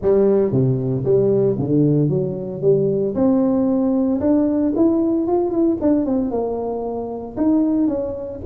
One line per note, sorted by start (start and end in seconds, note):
0.02 0.51 G3
0.51 1.04 C3
1.04 1.56 G3
1.58 2.09 D3
2.09 2.61 F#3
2.61 3.14 G3
3.14 4.20 C4
4.20 4.73 D4
4.76 5.27 E4
5.27 5.50 F4
5.50 5.77 E4
5.81 6.05 D4
6.05 6.30 C4
6.30 7.36 A#3
7.36 7.87 D#4
7.87 8.40 C#4